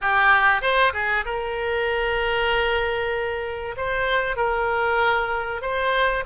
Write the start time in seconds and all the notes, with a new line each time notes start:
0.01 G4
0.61 C5
0.93 G#4
1.25 A#4
3.77 C5
4.36 A#4
5.61 C5